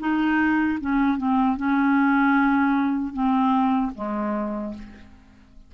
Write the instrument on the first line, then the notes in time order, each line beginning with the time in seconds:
clarinet
0.00 D#4
0.80 C#4
1.18 C4
1.57 C#4
3.13 C4
3.95 G#3